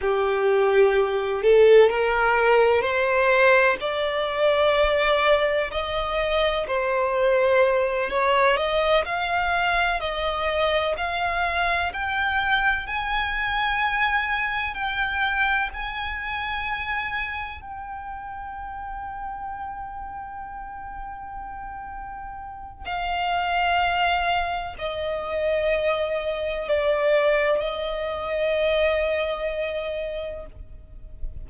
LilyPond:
\new Staff \with { instrumentName = "violin" } { \time 4/4 \tempo 4 = 63 g'4. a'8 ais'4 c''4 | d''2 dis''4 c''4~ | c''8 cis''8 dis''8 f''4 dis''4 f''8~ | f''8 g''4 gis''2 g''8~ |
g''8 gis''2 g''4.~ | g''1 | f''2 dis''2 | d''4 dis''2. | }